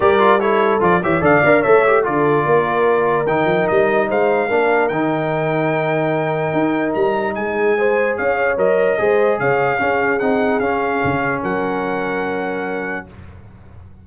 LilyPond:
<<
  \new Staff \with { instrumentName = "trumpet" } { \time 4/4 \tempo 4 = 147 d''4 cis''4 d''8 e''8 f''4 | e''4 d''2. | g''4 dis''4 f''2 | g''1~ |
g''4 ais''4 gis''2 | f''4 dis''2 f''4~ | f''4 fis''4 f''2 | fis''1 | }
  \new Staff \with { instrumentName = "horn" } { \time 4/4 ais'4 a'4. cis''8 d''4 | cis''4 a'4 ais'2~ | ais'2 c''4 ais'4~ | ais'1~ |
ais'2 gis'4 c''4 | cis''2 c''4 cis''4 | gis'1 | ais'1 | }
  \new Staff \with { instrumentName = "trombone" } { \time 4/4 g'8 f'8 e'4 f'8 g'8 a'8 ais'8 | a'8 g'8 f'2. | dis'2. d'4 | dis'1~ |
dis'2. gis'4~ | gis'4 ais'4 gis'2 | cis'4 dis'4 cis'2~ | cis'1 | }
  \new Staff \with { instrumentName = "tuba" } { \time 4/4 g2 f8 e8 d8 d'8 | a4 d4 ais2 | dis8 f8 g4 gis4 ais4 | dis1 |
dis'4 g4 gis2 | cis'4 fis4 gis4 cis4 | cis'4 c'4 cis'4 cis4 | fis1 | }
>>